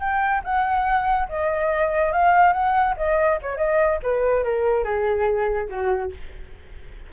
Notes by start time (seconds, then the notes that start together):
0.00 G5
0.44 F#5
1.29 D#5
2.12 F5
2.53 F#5
2.97 D#5
3.42 C#5
3.57 D#5
4.03 B4
4.44 A#4
4.84 G#4
5.69 F#4